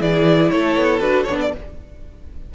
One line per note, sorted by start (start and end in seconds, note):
0.00 0.51 E3
0.00 1.01 E4
0.00 0.51 G#4
0.00 0.50 D5
0.50 0.76 A3
0.50 1.53 A4
0.50 1.00 C#5
0.76 1.00 B3
1.00 1.25 D4
1.00 1.26 F#4
1.00 1.24 B4
1.24 1.55 B3
1.24 1.54 D4
1.24 1.37 C#5
1.41 1.53 D5